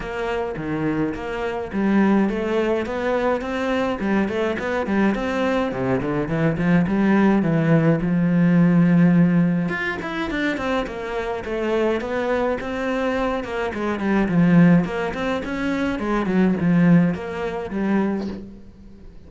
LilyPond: \new Staff \with { instrumentName = "cello" } { \time 4/4 \tempo 4 = 105 ais4 dis4 ais4 g4 | a4 b4 c'4 g8 a8 | b8 g8 c'4 c8 d8 e8 f8 | g4 e4 f2~ |
f4 f'8 e'8 d'8 c'8 ais4 | a4 b4 c'4. ais8 | gis8 g8 f4 ais8 c'8 cis'4 | gis8 fis8 f4 ais4 g4 | }